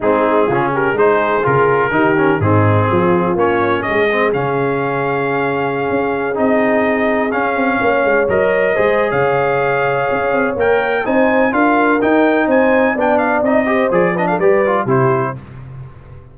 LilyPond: <<
  \new Staff \with { instrumentName = "trumpet" } { \time 4/4 \tempo 4 = 125 gis'4. ais'8 c''4 ais'4~ | ais'4 gis'2 cis''4 | dis''4 f''2.~ | f''4~ f''16 dis''2 f''8.~ |
f''4~ f''16 dis''4.~ dis''16 f''4~ | f''2 g''4 gis''4 | f''4 g''4 gis''4 g''8 f''8 | dis''4 d''8 dis''16 f''16 d''4 c''4 | }
  \new Staff \with { instrumentName = "horn" } { \time 4/4 dis'4 f'8 g'8 gis'2 | g'4 dis'4 f'2 | gis'1~ | gis'1~ |
gis'16 cis''2 c''8. cis''4~ | cis''2. c''4 | ais'2 c''4 d''4~ | d''8 c''4 b'16 a'16 b'4 g'4 | }
  \new Staff \with { instrumentName = "trombone" } { \time 4/4 c'4 cis'4 dis'4 f'4 | dis'8 cis'8 c'2 cis'4~ | cis'8 c'8 cis'2.~ | cis'4~ cis'16 dis'2 cis'8.~ |
cis'4~ cis'16 ais'4 gis'4.~ gis'16~ | gis'2 ais'4 dis'4 | f'4 dis'2 d'4 | dis'8 g'8 gis'8 d'8 g'8 f'8 e'4 | }
  \new Staff \with { instrumentName = "tuba" } { \time 4/4 gis4 cis4 gis4 cis4 | dis4 gis,4 f4 ais4 | gis4 cis2.~ | cis16 cis'4 c'2 cis'8 c'16~ |
c'16 ais8 gis8 fis4 gis8. cis4~ | cis4 cis'8 c'8 ais4 c'4 | d'4 dis'4 c'4 b4 | c'4 f4 g4 c4 | }
>>